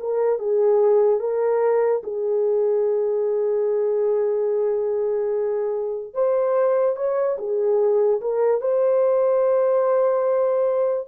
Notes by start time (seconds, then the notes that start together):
0.00 A#4
0.39 G#4
1.20 A#4
2.04 G#4
6.14 C5
6.96 C#5
7.38 G#4
8.21 A#4
8.61 C5